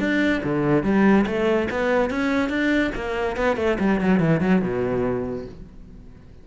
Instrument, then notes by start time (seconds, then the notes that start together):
cello
0.00 D4
0.44 D3
0.84 G3
1.27 A3
1.70 B3
2.11 C#4
2.49 D4
2.95 A#3
3.37 B3
3.57 A3
3.80 G3
4.01 F#3
4.20 E3
4.41 F#3
4.62 B2